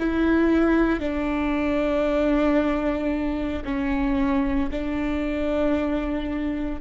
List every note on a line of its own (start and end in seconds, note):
0.00 1.00 E4
1.00 3.64 D4
3.65 4.70 C#4
4.71 6.81 D4